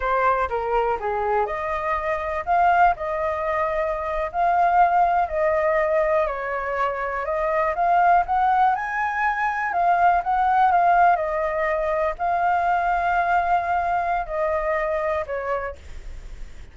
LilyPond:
\new Staff \with { instrumentName = "flute" } { \time 4/4 \tempo 4 = 122 c''4 ais'4 gis'4 dis''4~ | dis''4 f''4 dis''2~ | dis''8. f''2 dis''4~ dis''16~ | dis''8. cis''2 dis''4 f''16~ |
f''8. fis''4 gis''2 f''16~ | f''8. fis''4 f''4 dis''4~ dis''16~ | dis''8. f''2.~ f''16~ | f''4 dis''2 cis''4 | }